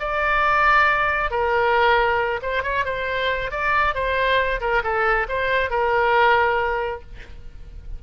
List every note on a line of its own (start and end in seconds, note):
0.00 1.31 D5
1.31 2.40 A#4
2.42 2.63 C5
2.63 2.85 C#5
2.85 3.51 C5
3.51 3.95 D5
3.95 4.60 C5
4.61 4.83 A#4
4.83 5.27 A4
5.29 5.70 C5
5.70 7.02 A#4